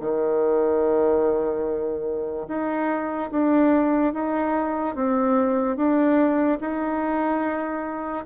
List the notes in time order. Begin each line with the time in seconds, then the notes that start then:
0.00 D#3
2.48 D#4
3.31 D4
4.13 D#4
4.95 C4
5.76 D4
6.60 D#4